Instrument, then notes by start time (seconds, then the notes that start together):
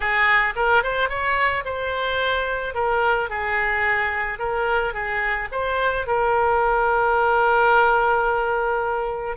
oboe
0.00 G#4
0.55 A#4
0.83 C5
1.09 C#5
1.64 C5
2.74 A#4
3.29 G#4
4.38 A#4
4.93 G#4
5.51 C5
6.07 A#4